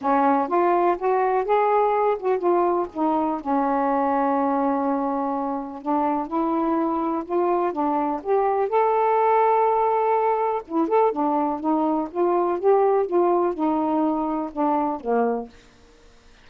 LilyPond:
\new Staff \with { instrumentName = "saxophone" } { \time 4/4 \tempo 4 = 124 cis'4 f'4 fis'4 gis'4~ | gis'8 fis'8 f'4 dis'4 cis'4~ | cis'1 | d'4 e'2 f'4 |
d'4 g'4 a'2~ | a'2 e'8 a'8 d'4 | dis'4 f'4 g'4 f'4 | dis'2 d'4 ais4 | }